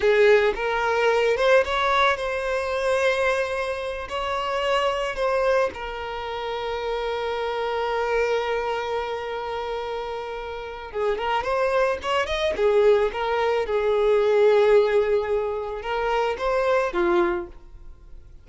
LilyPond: \new Staff \with { instrumentName = "violin" } { \time 4/4 \tempo 4 = 110 gis'4 ais'4. c''8 cis''4 | c''2.~ c''8 cis''8~ | cis''4. c''4 ais'4.~ | ais'1~ |
ais'1 | gis'8 ais'8 c''4 cis''8 dis''8 gis'4 | ais'4 gis'2.~ | gis'4 ais'4 c''4 f'4 | }